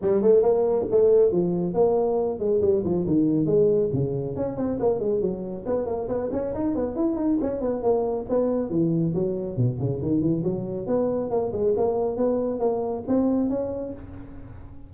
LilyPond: \new Staff \with { instrumentName = "tuba" } { \time 4/4 \tempo 4 = 138 g8 a8 ais4 a4 f4 | ais4. gis8 g8 f8 dis4 | gis4 cis4 cis'8 c'8 ais8 gis8 | fis4 b8 ais8 b8 cis'8 dis'8 b8 |
e'8 dis'8 cis'8 b8 ais4 b4 | e4 fis4 b,8 cis8 dis8 e8 | fis4 b4 ais8 gis8 ais4 | b4 ais4 c'4 cis'4 | }